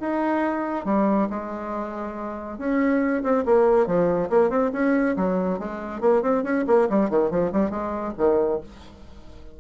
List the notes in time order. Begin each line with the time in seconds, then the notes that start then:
0.00 D#4
0.85 G3
1.30 G#3
2.58 C#4
3.23 C4
3.45 A#3
3.86 F3
4.30 A#3
4.50 C4
4.73 C#4
5.16 F#3
5.59 G#3
6.01 A#3
6.22 C4
6.43 C#4
6.67 A#3
6.89 G3
7.10 D#3
7.30 F3
7.52 G3
7.70 G#3
8.17 D#3